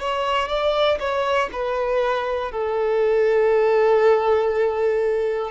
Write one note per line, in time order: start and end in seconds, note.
0.00 0.48 C#5
0.48 0.98 D5
0.99 1.49 C#5
1.52 2.51 B4
2.51 5.50 A4